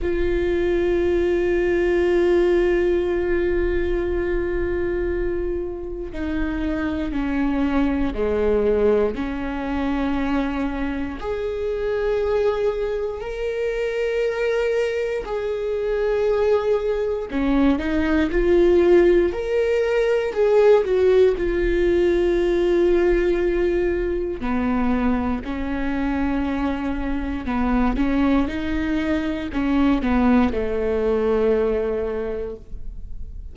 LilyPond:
\new Staff \with { instrumentName = "viola" } { \time 4/4 \tempo 4 = 59 f'1~ | f'2 dis'4 cis'4 | gis4 cis'2 gis'4~ | gis'4 ais'2 gis'4~ |
gis'4 cis'8 dis'8 f'4 ais'4 | gis'8 fis'8 f'2. | b4 cis'2 b8 cis'8 | dis'4 cis'8 b8 a2 | }